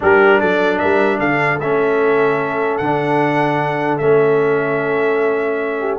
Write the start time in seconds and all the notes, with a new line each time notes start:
0.00 G3 D4 G4 A#4
0.40 F#3 A4 D5
0.78 G3 A#4 E5
1.19 D3 A4 F5
1.59 A3 C#4 E5
2.77 D3 D4 F#5
3.98 A3 C#4 E5
5.79 G4